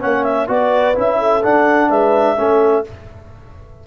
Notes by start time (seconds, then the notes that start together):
0.00 A#3 C#4 C#5 F#5
0.23 E5
0.47 B3 F#4 B4 D5
0.95 C#4 E4 E5
1.19 A4
1.43 D4 F#5
1.89 G#3 B4 E5
2.37 A3 C#4 A4